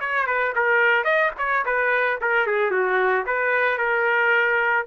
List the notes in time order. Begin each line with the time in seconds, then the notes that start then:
0.00 C#5
0.26 B4
0.55 A#4
1.04 D#5
1.38 C#5
1.65 B4
2.21 A#4
2.46 G#4
2.71 F#4
3.26 B4
3.77 A#4